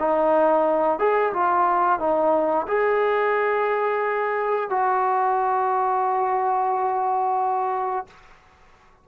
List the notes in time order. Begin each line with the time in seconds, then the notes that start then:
0.00 D#4
0.99 G#4
1.34 F4
2.00 D#4
2.68 G#4
4.70 F#4